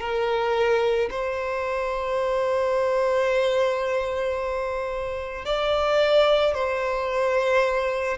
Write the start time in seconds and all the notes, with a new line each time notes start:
0.00 A#4
1.10 C5
5.45 D5
6.54 C5